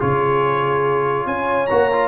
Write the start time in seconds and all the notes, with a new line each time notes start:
0.00 C#3 F4 G#4 C#5
1.27 C#4 C#5 G#5
1.67 A#3 F#4 A#5
1.92 F4